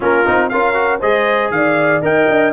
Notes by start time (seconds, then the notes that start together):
0.00 A#3 C#4 F4 A#4
0.25 C4 D#4
0.49 C#4 F4 A#4 F5
0.74 F#4
0.99 G#3 G#4 C5 D#5
1.50 D#3 D5 F5
2.01 D#4 A#4 D#5 G5
2.27 D4